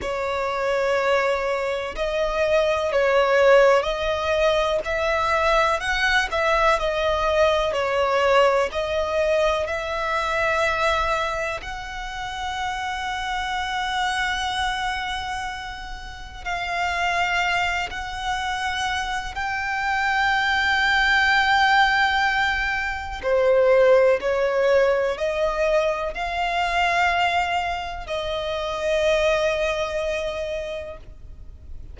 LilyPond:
\new Staff \with { instrumentName = "violin" } { \time 4/4 \tempo 4 = 62 cis''2 dis''4 cis''4 | dis''4 e''4 fis''8 e''8 dis''4 | cis''4 dis''4 e''2 | fis''1~ |
fis''4 f''4. fis''4. | g''1 | c''4 cis''4 dis''4 f''4~ | f''4 dis''2. | }